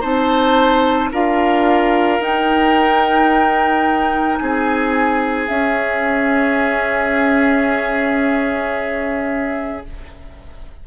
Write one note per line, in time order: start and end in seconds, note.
0.00 1.12 C4
0.00 1.10 D#4
0.00 1.09 C5
0.00 1.11 A5
1.11 2.19 D4
1.11 2.20 F4
1.11 4.38 A#4
1.11 2.21 F5
2.19 4.37 D#4
2.19 5.47 D#4
2.19 4.37 G5
4.37 5.48 C4
4.37 9.86 G#4
4.37 5.46 G#5
5.47 9.84 C#4
5.47 9.85 C#4
5.47 9.83 E5